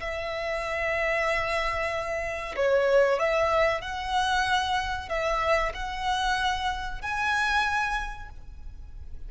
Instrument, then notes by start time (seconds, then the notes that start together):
violin
0.00 E5
2.56 C#5
3.19 E5
3.82 F#5
5.09 E5
5.74 F#5
7.02 G#5